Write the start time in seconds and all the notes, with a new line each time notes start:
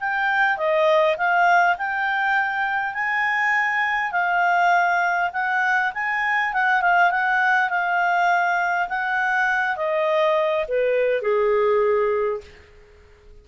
0.00 G5
0.57 D#5
1.17 F5
1.77 G5
2.94 G#5
4.12 F5
5.33 F#5
5.94 G#5
6.53 F#5
6.81 F5
7.11 F#5
7.70 F5
8.89 F#5
9.76 D#5
10.68 B4
11.22 G#4